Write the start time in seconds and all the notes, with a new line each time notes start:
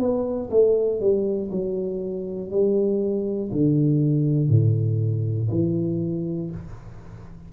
0.00 B3
0.50 A3
1.01 G3
1.51 F#3
2.51 G3
3.52 D3
4.50 A2
5.51 E3